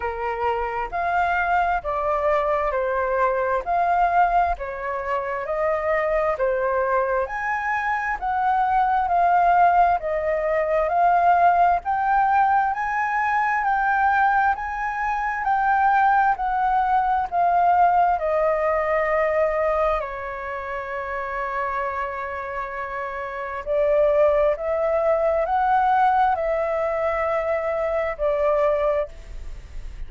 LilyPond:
\new Staff \with { instrumentName = "flute" } { \time 4/4 \tempo 4 = 66 ais'4 f''4 d''4 c''4 | f''4 cis''4 dis''4 c''4 | gis''4 fis''4 f''4 dis''4 | f''4 g''4 gis''4 g''4 |
gis''4 g''4 fis''4 f''4 | dis''2 cis''2~ | cis''2 d''4 e''4 | fis''4 e''2 d''4 | }